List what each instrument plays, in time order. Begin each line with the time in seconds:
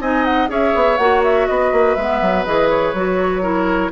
0.00 bassoon C4, clarinet D#4, oboe D#5, flute G#5
0.25 flute F#5
0.48 bassoon C#4, clarinet G#4, oboe C#5, flute E5
0.75 bassoon B3
0.97 bassoon A#3, clarinet F#4, flute F#5
1.24 flute E5
1.47 bassoon B3, oboe B4, flute D#5
1.72 bassoon A#3
1.96 bassoon G#3, clarinet B3, flute E5
2.22 bassoon F#3
2.45 bassoon E3, clarinet G#4, flute D#5
2.70 flute C#5
2.94 bassoon F#3, clarinet F#4
3.42 clarinet E4, oboe A#4